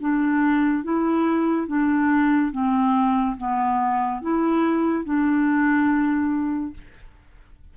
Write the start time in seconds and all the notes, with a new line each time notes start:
0.00 D4
0.84 E4
1.67 D4
2.52 C4
3.37 B3
4.21 E4
5.04 D4